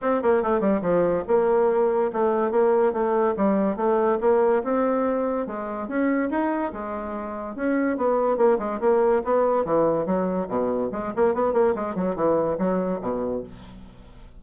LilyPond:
\new Staff \with { instrumentName = "bassoon" } { \time 4/4 \tempo 4 = 143 c'8 ais8 a8 g8 f4 ais4~ | ais4 a4 ais4 a4 | g4 a4 ais4 c'4~ | c'4 gis4 cis'4 dis'4 |
gis2 cis'4 b4 | ais8 gis8 ais4 b4 e4 | fis4 b,4 gis8 ais8 b8 ais8 | gis8 fis8 e4 fis4 b,4 | }